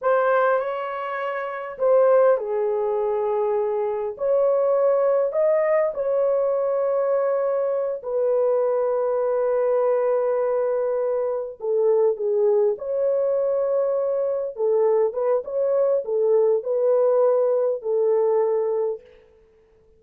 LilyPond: \new Staff \with { instrumentName = "horn" } { \time 4/4 \tempo 4 = 101 c''4 cis''2 c''4 | gis'2. cis''4~ | cis''4 dis''4 cis''2~ | cis''4. b'2~ b'8~ |
b'2.~ b'8 a'8~ | a'8 gis'4 cis''2~ cis''8~ | cis''8 a'4 b'8 cis''4 a'4 | b'2 a'2 | }